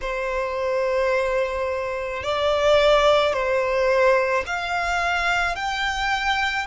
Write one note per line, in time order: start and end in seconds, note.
0.01 2.23 C5
2.23 3.33 D5
3.33 4.44 C5
4.46 5.55 F5
5.55 6.66 G5